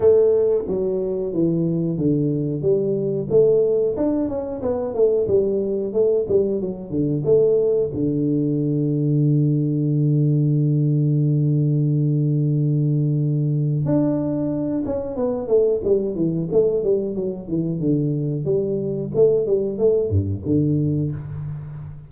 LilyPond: \new Staff \with { instrumentName = "tuba" } { \time 4/4 \tempo 4 = 91 a4 fis4 e4 d4 | g4 a4 d'8 cis'8 b8 a8 | g4 a8 g8 fis8 d8 a4 | d1~ |
d1~ | d4 d'4. cis'8 b8 a8 | g8 e8 a8 g8 fis8 e8 d4 | g4 a8 g8 a8 g,8 d4 | }